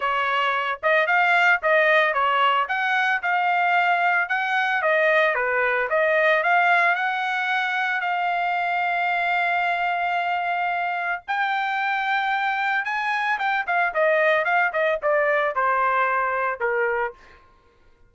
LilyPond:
\new Staff \with { instrumentName = "trumpet" } { \time 4/4 \tempo 4 = 112 cis''4. dis''8 f''4 dis''4 | cis''4 fis''4 f''2 | fis''4 dis''4 b'4 dis''4 | f''4 fis''2 f''4~ |
f''1~ | f''4 g''2. | gis''4 g''8 f''8 dis''4 f''8 dis''8 | d''4 c''2 ais'4 | }